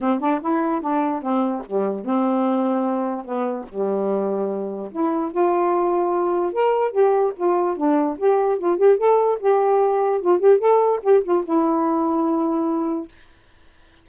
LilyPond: \new Staff \with { instrumentName = "saxophone" } { \time 4/4 \tempo 4 = 147 c'8 d'8 e'4 d'4 c'4 | g4 c'2. | b4 g2. | e'4 f'2. |
ais'4 g'4 f'4 d'4 | g'4 f'8 g'8 a'4 g'4~ | g'4 f'8 g'8 a'4 g'8 f'8 | e'1 | }